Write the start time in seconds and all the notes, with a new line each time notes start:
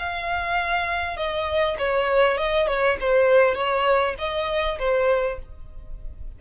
0.00 F5
1.17 D#5
1.79 C#5
2.38 D#5
2.68 C#5
3.01 C5
3.55 C#5
4.19 D#5
4.79 C5